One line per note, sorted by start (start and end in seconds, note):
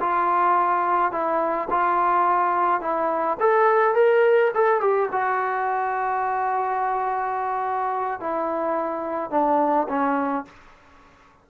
0.00 1.11 F4
1.11 1.68 E4
1.70 2.81 F4
2.81 3.37 E4
3.39 3.94 A4
3.94 4.51 A#4
4.54 4.80 A4
4.80 5.09 G4
5.11 8.20 F#4
8.20 9.30 E4
9.30 9.87 D4
9.88 10.45 C#4